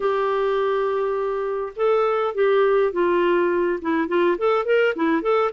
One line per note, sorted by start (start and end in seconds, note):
0.00 1.73 G4
1.76 2.34 A4
2.34 2.92 G4
2.92 3.79 F4
3.81 4.08 E4
4.08 4.37 F4
4.38 4.65 A4
4.65 4.94 A#4
4.95 5.21 E4
5.21 5.50 A4